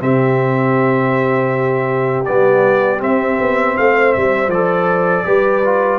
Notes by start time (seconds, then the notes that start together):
0.00 C3 C4 G4 E5
2.25 G3 B3 D5
2.99 C4 E5
3.40 B3
3.78 A3 C5 F5
4.13 G3 E5
4.48 F3 D5
4.54 A4
5.25 G3 G4 B4
5.65 F4